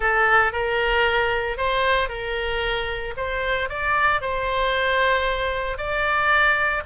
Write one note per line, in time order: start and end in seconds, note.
0.00 0.52 A4
0.52 1.57 A#4
1.57 2.08 C5
2.08 3.14 A#4
3.16 3.69 C5
3.69 4.21 D5
4.21 5.77 C5
5.77 6.82 D5